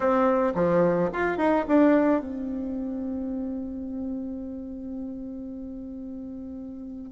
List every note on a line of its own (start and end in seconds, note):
0.00 0.53 C4
0.55 1.10 F3
1.12 1.37 F4
1.37 1.65 D#4
1.68 2.20 D4
2.20 7.12 C4